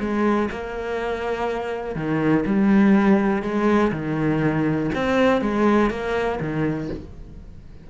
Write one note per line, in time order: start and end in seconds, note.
0.00 0.49 G#3
0.51 1.95 A#3
1.95 2.45 D#3
2.46 3.43 G3
3.43 3.92 G#3
3.92 4.90 D#3
4.95 5.41 C4
5.41 5.90 G#3
5.90 6.40 A#3
6.40 6.90 D#3